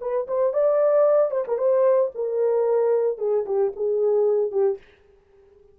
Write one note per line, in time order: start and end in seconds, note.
0.00 0.27 B4
0.27 0.53 C5
0.53 1.31 D5
1.31 1.44 C5
1.47 1.58 A#4
1.58 2.11 C5
2.14 3.18 A#4
3.18 3.44 G#4
3.45 3.72 G4
3.76 4.51 G#4
4.51 4.78 G4